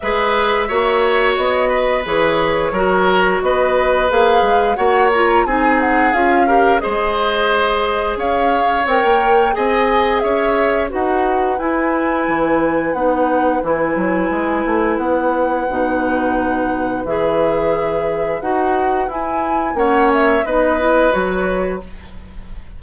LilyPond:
<<
  \new Staff \with { instrumentName = "flute" } { \time 4/4 \tempo 4 = 88 e''2 dis''4 cis''4~ | cis''4 dis''4 f''4 fis''8 ais''8 | gis''8 fis''8 f''4 dis''2 | f''4 g''4 gis''4 e''4 |
fis''4 gis''2 fis''4 | gis''2 fis''2~ | fis''4 e''2 fis''4 | gis''4 fis''8 e''8 dis''4 cis''4 | }
  \new Staff \with { instrumentName = "oboe" } { \time 4/4 b'4 cis''4. b'4. | ais'4 b'2 cis''4 | gis'4. ais'8 c''2 | cis''2 dis''4 cis''4 |
b'1~ | b'1~ | b'1~ | b'4 cis''4 b'2 | }
  \new Staff \with { instrumentName = "clarinet" } { \time 4/4 gis'4 fis'2 gis'4 | fis'2 gis'4 fis'8 f'8 | dis'4 f'8 g'8 gis'2~ | gis'4 ais'4 gis'2 |
fis'4 e'2 dis'4 | e'2. dis'4~ | dis'4 gis'2 fis'4 | e'4 cis'4 dis'8 e'8 fis'4 | }
  \new Staff \with { instrumentName = "bassoon" } { \time 4/4 gis4 ais4 b4 e4 | fis4 b4 ais8 gis8 ais4 | c'4 cis'4 gis2 | cis'4 c'16 ais8. c'4 cis'4 |
dis'4 e'4 e4 b4 | e8 fis8 gis8 a8 b4 b,4~ | b,4 e2 dis'4 | e'4 ais4 b4 fis4 | }
>>